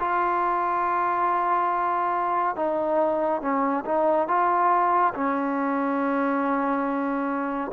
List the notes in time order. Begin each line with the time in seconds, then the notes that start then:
0.00 F4
2.56 D#4
3.41 C#4
3.85 D#4
4.28 F4
5.14 C#4